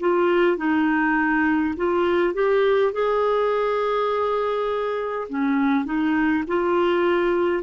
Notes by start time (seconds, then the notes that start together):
0.00 F4
0.57 D#4
1.77 F4
2.34 G4
2.93 G#4
5.29 C#4
5.85 D#4
6.48 F4